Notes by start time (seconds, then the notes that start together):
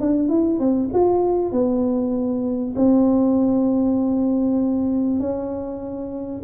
0.00 D4
0.28 E4
0.59 C4
0.93 F4
1.52 B3
2.76 C4
5.19 C#4